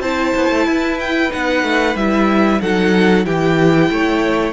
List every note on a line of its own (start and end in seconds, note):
0.00 0.32 C4
0.00 1.30 E4
0.00 0.66 C5
0.00 0.98 A5
0.36 0.50 B3
0.50 0.66 A3
0.66 1.31 E4
0.66 2.61 B4
1.00 1.32 G5
1.30 1.63 B3
1.30 1.94 D#4
1.30 1.97 F#5
1.63 1.95 A3
1.95 2.60 G3
1.95 2.61 E4
1.95 2.61 E5
2.61 3.26 F#3
2.61 3.24 D#4
2.61 3.26 A4
2.61 3.25 F#5
3.24 3.90 E3
3.24 4.53 E4
3.24 3.90 G4
3.24 4.53 G5
3.90 4.53 A3
3.90 4.53 C#5